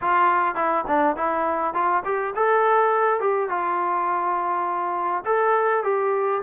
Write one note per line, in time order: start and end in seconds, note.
0.01 0.55 F4
0.55 0.84 E4
0.87 1.16 D4
1.16 1.74 E4
1.74 2.03 F4
2.04 2.34 G4
2.35 3.20 A4
3.20 3.49 G4
3.49 5.24 F4
5.25 5.83 A4
5.83 6.42 G4